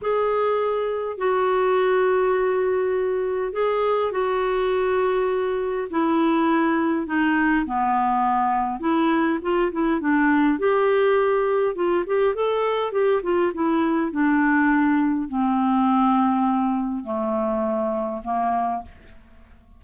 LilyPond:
\new Staff \with { instrumentName = "clarinet" } { \time 4/4 \tempo 4 = 102 gis'2 fis'2~ | fis'2 gis'4 fis'4~ | fis'2 e'2 | dis'4 b2 e'4 |
f'8 e'8 d'4 g'2 | f'8 g'8 a'4 g'8 f'8 e'4 | d'2 c'2~ | c'4 a2 ais4 | }